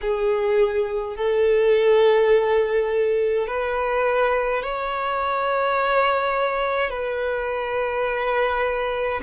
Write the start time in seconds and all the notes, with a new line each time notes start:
0.01 G#4
1.16 A4
3.47 B4
4.62 C#5
6.90 B4